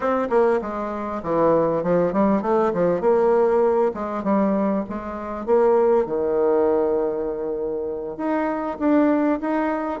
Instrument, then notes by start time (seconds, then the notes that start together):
bassoon
0.00 C4
0.29 A#3
0.61 G#3
1.22 E3
1.83 F3
2.12 G3
2.42 A3
2.73 F3
3.01 A#3
3.93 G#3
4.23 G3
4.89 G#3
5.45 A#3
6.06 D#3
8.17 D#4
8.79 D4
9.40 D#4